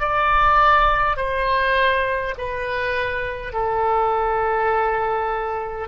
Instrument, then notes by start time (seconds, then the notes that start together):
oboe
0.00 D5
1.17 C5
2.38 B4
3.53 A4